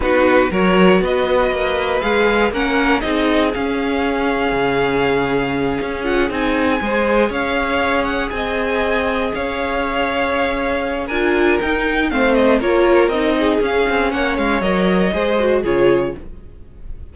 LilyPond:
<<
  \new Staff \with { instrumentName = "violin" } { \time 4/4 \tempo 4 = 119 b'4 cis''4 dis''2 | f''4 fis''4 dis''4 f''4~ | f''1 | fis''8 gis''2 f''4. |
fis''8 gis''2 f''4.~ | f''2 gis''4 g''4 | f''8 dis''8 cis''4 dis''4 f''4 | fis''8 f''8 dis''2 cis''4 | }
  \new Staff \with { instrumentName = "violin" } { \time 4/4 fis'4 ais'4 b'2~ | b'4 ais'4 gis'2~ | gis'1~ | gis'4. c''4 cis''4.~ |
cis''8 dis''2 cis''4.~ | cis''2 ais'2 | c''4 ais'4. gis'4. | cis''2 c''4 gis'4 | }
  \new Staff \with { instrumentName = "viola" } { \time 4/4 dis'4 fis'2. | gis'4 cis'4 dis'4 cis'4~ | cis'1 | f'8 dis'4 gis'2~ gis'8~ |
gis'1~ | gis'2 f'4 dis'4 | c'4 f'4 dis'4 cis'4~ | cis'4 ais'4 gis'8 fis'8 f'4 | }
  \new Staff \with { instrumentName = "cello" } { \time 4/4 b4 fis4 b4 ais4 | gis4 ais4 c'4 cis'4~ | cis'4 cis2~ cis8 cis'8~ | cis'8 c'4 gis4 cis'4.~ |
cis'8 c'2 cis'4.~ | cis'2 d'4 dis'4 | a4 ais4 c'4 cis'8 c'8 | ais8 gis8 fis4 gis4 cis4 | }
>>